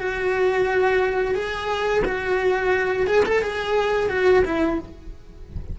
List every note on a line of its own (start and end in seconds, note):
0.00 1.35 F#4
1.35 2.03 G#4
2.05 3.07 F#4
3.07 3.24 G#4
3.26 3.42 A4
3.42 4.10 G#4
4.10 4.44 F#4
4.45 4.79 E4